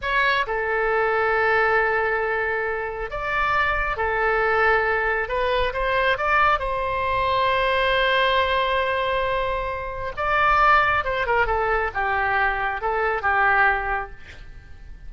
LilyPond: \new Staff \with { instrumentName = "oboe" } { \time 4/4 \tempo 4 = 136 cis''4 a'2.~ | a'2. d''4~ | d''4 a'2. | b'4 c''4 d''4 c''4~ |
c''1~ | c''2. d''4~ | d''4 c''8 ais'8 a'4 g'4~ | g'4 a'4 g'2 | }